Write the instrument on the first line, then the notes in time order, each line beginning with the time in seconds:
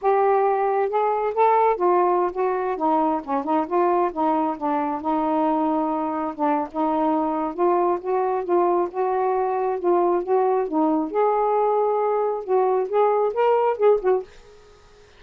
saxophone
0.01 G4
0.89 G#4
1.34 A4
1.76 F4
2.32 F#4
2.77 D#4
3.23 C#4
3.44 D#4
3.66 F4
4.12 D#4
4.57 D4
5.01 D#4
6.34 D4
6.71 D#4
7.54 F4
8.00 F#4
8.43 F4
8.90 F#4
9.79 F4
10.23 F#4
10.68 D#4
11.11 G#4
12.43 F#4
12.88 G#4
13.33 A#4
13.77 G#4
14.01 F#4